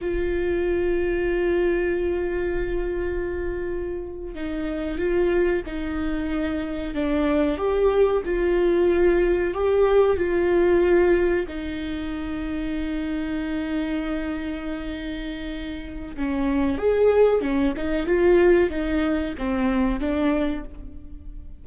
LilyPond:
\new Staff \with { instrumentName = "viola" } { \time 4/4 \tempo 4 = 93 f'1~ | f'2~ f'8. dis'4 f'16~ | f'8. dis'2 d'4 g'16~ | g'8. f'2 g'4 f'16~ |
f'4.~ f'16 dis'2~ dis'16~ | dis'1~ | dis'4 cis'4 gis'4 cis'8 dis'8 | f'4 dis'4 c'4 d'4 | }